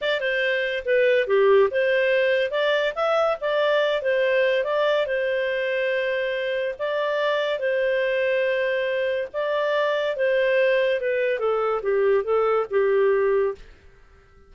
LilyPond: \new Staff \with { instrumentName = "clarinet" } { \time 4/4 \tempo 4 = 142 d''8 c''4. b'4 g'4 | c''2 d''4 e''4 | d''4. c''4. d''4 | c''1 |
d''2 c''2~ | c''2 d''2 | c''2 b'4 a'4 | g'4 a'4 g'2 | }